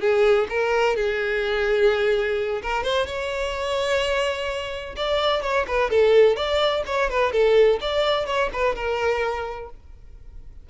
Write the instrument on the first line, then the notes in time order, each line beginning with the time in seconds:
violin
0.00 G#4
0.49 A#4
0.96 G#4
2.62 A#4
2.83 C5
3.06 C#5
4.96 D5
5.42 C#5
5.67 B4
5.90 A4
6.36 D5
6.86 C#5
7.10 B4
7.32 A4
7.81 D5
8.26 C#5
8.53 B4
8.75 A#4